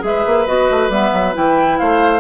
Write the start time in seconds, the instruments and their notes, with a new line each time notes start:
0.00 bassoon G#3, clarinet G#4, flute E5
0.07 oboe B4
0.26 bassoon A#3
0.47 bassoon B3, clarinet F#4, flute D#5
0.71 bassoon A3
0.89 bassoon G3, clarinet B3, flute E5
1.13 bassoon F#3
1.34 bassoon E3, clarinet E4, flute G5
1.78 bassoon A3, oboe C5, flute F5